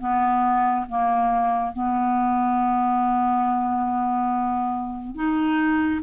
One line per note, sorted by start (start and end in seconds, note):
0.00 0.86 B3
0.89 1.73 A#3
1.73 5.15 B3
5.15 6.01 D#4